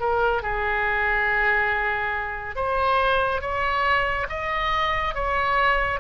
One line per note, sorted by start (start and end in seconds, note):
0.00 0.42 A#4
0.42 2.56 G#4
2.56 3.41 C5
3.41 4.27 C#5
4.29 5.15 D#5
5.15 6.00 C#5